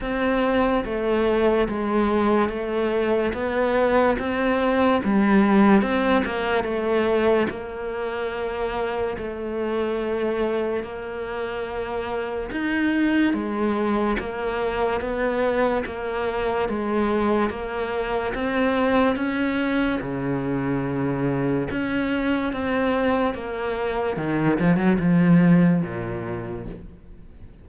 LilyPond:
\new Staff \with { instrumentName = "cello" } { \time 4/4 \tempo 4 = 72 c'4 a4 gis4 a4 | b4 c'4 g4 c'8 ais8 | a4 ais2 a4~ | a4 ais2 dis'4 |
gis4 ais4 b4 ais4 | gis4 ais4 c'4 cis'4 | cis2 cis'4 c'4 | ais4 dis8 f16 fis16 f4 ais,4 | }